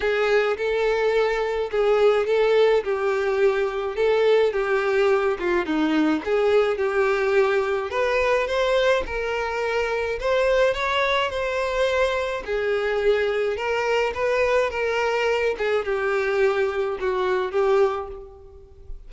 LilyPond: \new Staff \with { instrumentName = "violin" } { \time 4/4 \tempo 4 = 106 gis'4 a'2 gis'4 | a'4 g'2 a'4 | g'4. f'8 dis'4 gis'4 | g'2 b'4 c''4 |
ais'2 c''4 cis''4 | c''2 gis'2 | ais'4 b'4 ais'4. gis'8 | g'2 fis'4 g'4 | }